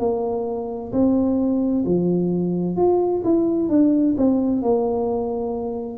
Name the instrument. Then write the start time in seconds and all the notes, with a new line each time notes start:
tuba
0.00 A#3
0.93 C4
1.86 F3
2.77 F4
3.25 E4
3.70 D4
4.18 C4
4.62 A#3